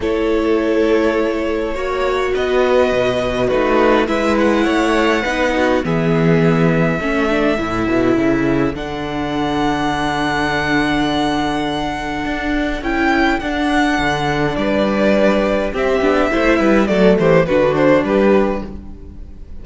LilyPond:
<<
  \new Staff \with { instrumentName = "violin" } { \time 4/4 \tempo 4 = 103 cis''1 | dis''2 b'4 e''8 fis''8~ | fis''2 e''2~ | e''2. fis''4~ |
fis''1~ | fis''2 g''4 fis''4~ | fis''4 d''2 e''4~ | e''4 d''8 c''8 b'8 c''8 b'4 | }
  \new Staff \with { instrumentName = "violin" } { \time 4/4 a'2. cis''4 | b'2 fis'4 b'4 | cis''4 b'8 fis'8 gis'2 | a'1~ |
a'1~ | a'1~ | a'4 b'2 g'4 | c''8 b'8 a'8 g'8 fis'4 g'4 | }
  \new Staff \with { instrumentName = "viola" } { \time 4/4 e'2. fis'4~ | fis'2 dis'4 e'4~ | e'4 dis'4 b2 | cis'8 d'8 e'2 d'4~ |
d'1~ | d'2 e'4 d'4~ | d'2. c'8 d'8 | e'4 a4 d'2 | }
  \new Staff \with { instrumentName = "cello" } { \time 4/4 a2. ais4 | b4 b,4 a4 gis4 | a4 b4 e2 | a4 a,8 b,8 cis4 d4~ |
d1~ | d4 d'4 cis'4 d'4 | d4 g2 c'8 b8 | a8 g8 fis8 e8 d4 g4 | }
>>